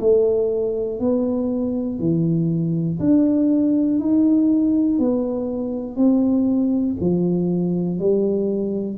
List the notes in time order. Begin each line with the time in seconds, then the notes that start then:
0.00 A3
0.99 B3
1.99 E3
2.99 D4
4.00 D#4
4.98 B3
5.96 C4
7.00 F3
7.99 G3